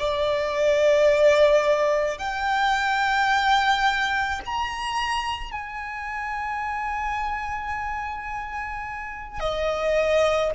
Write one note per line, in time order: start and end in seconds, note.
0.00 2.19 D5
2.19 4.41 G5
4.46 5.52 A#5
5.52 9.40 G#5
9.40 10.52 D#5